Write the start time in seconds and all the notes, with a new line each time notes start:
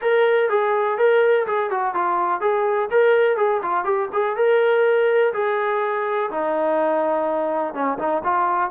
0.01 A#4
0.49 G#4
0.98 A#4
1.46 G#4
1.70 F#4
1.94 F4
2.40 G#4
2.90 A#4
3.37 G#4
3.62 F4
3.84 G4
4.13 G#4
4.36 A#4
5.33 G#4
6.30 D#4
7.74 C#4
7.98 D#4
8.24 F4